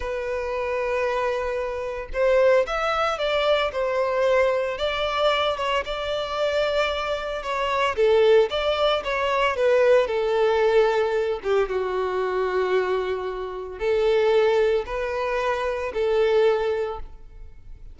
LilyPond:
\new Staff \with { instrumentName = "violin" } { \time 4/4 \tempo 4 = 113 b'1 | c''4 e''4 d''4 c''4~ | c''4 d''4. cis''8 d''4~ | d''2 cis''4 a'4 |
d''4 cis''4 b'4 a'4~ | a'4. g'8 fis'2~ | fis'2 a'2 | b'2 a'2 | }